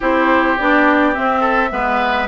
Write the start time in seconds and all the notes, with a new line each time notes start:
0.00 C4 E4 G4 C5
0.58 B3 D4 D5
1.14 C4 E5
1.40 A4
1.70 G#3 B3 B4